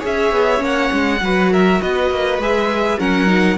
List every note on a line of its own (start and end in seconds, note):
0.00 0.32 C#4
0.00 0.58 G#4
0.00 1.19 C#5
0.06 0.64 E5
0.32 0.61 B3
0.58 0.90 A#3
0.58 1.17 C#4
0.64 1.53 F#5
0.92 1.21 G#3
1.21 1.81 F#3
1.21 2.41 F#4
1.21 1.53 B4
1.53 1.82 A#4
1.53 1.82 E5
1.82 2.11 B3
1.82 2.99 B4
1.82 2.41 D#5
2.11 2.38 A#3
2.38 2.98 G#3
2.38 2.99 G#4
2.38 3.00 E5
2.99 3.58 F#3
2.99 3.27 C#4
2.99 3.58 A#4
2.99 3.58 F#5
3.27 3.57 D#4